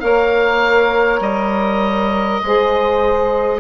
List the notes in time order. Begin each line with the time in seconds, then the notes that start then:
0.00 A#3 A#4 C#5 F5
1.20 G3 D#5
2.43 G#3 G#4 C5